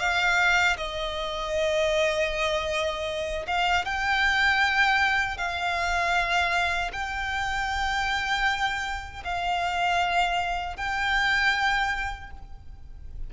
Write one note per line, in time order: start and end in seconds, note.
0.00 0.77 F5
0.78 3.47 D#5
3.48 3.85 F5
3.85 5.38 G5
5.38 6.92 F5
6.93 9.24 G5
9.25 10.77 F5
10.77 12.31 G5